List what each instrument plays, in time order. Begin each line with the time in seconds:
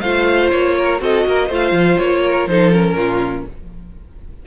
0.00 cello A3, viola F4, violin C5 F5
0.51 cello A#3, violin C#5
0.76 violin A#4
0.98 cello C4, viola F#4, violin A4 D#5
1.26 cello A#3, violin A#4
1.46 cello A3, viola F4, violin C5
1.54 violin F5
1.71 cello F3
1.98 cello A#3, violin C#5
2.24 violin A#4
2.47 cello F3, viola D#4, violin A4 C5
2.72 viola C#4, violin A#4
2.93 cello A#2, violin F4